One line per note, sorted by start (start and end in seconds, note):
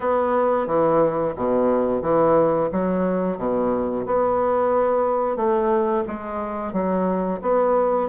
0.00 0.66 B3
0.66 1.34 E3
1.36 2.02 B2
2.02 2.69 E3
2.72 3.37 F#3
3.37 4.04 B2
4.06 5.36 B3
5.36 6.03 A3
6.07 6.72 G#3
6.72 7.40 F#3
7.41 8.08 B3